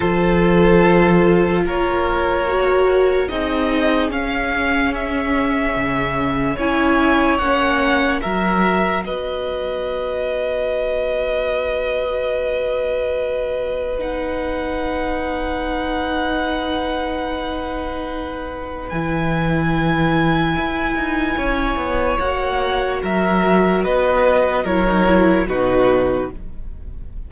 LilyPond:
<<
  \new Staff \with { instrumentName = "violin" } { \time 4/4 \tempo 4 = 73 c''2 cis''2 | dis''4 f''4 e''2 | gis''4 fis''4 e''4 dis''4~ | dis''1~ |
dis''4 fis''2.~ | fis''2. gis''4~ | gis''2. fis''4 | e''4 dis''4 cis''4 b'4 | }
  \new Staff \with { instrumentName = "violin" } { \time 4/4 a'2 ais'2 | gis'1 | cis''2 ais'4 b'4~ | b'1~ |
b'1~ | b'1~ | b'2 cis''2 | ais'4 b'4 ais'4 fis'4 | }
  \new Staff \with { instrumentName = "viola" } { \time 4/4 f'2. fis'4 | dis'4 cis'2. | e'4 cis'4 fis'2~ | fis'1~ |
fis'4 dis'2.~ | dis'2. e'4~ | e'2. fis'4~ | fis'2 e'16 dis'16 e'8 dis'4 | }
  \new Staff \with { instrumentName = "cello" } { \time 4/4 f2 ais2 | c'4 cis'2 cis4 | cis'4 ais4 fis4 b4~ | b1~ |
b1~ | b2. e4~ | e4 e'8 dis'8 cis'8 b8 ais4 | fis4 b4 fis4 b,4 | }
>>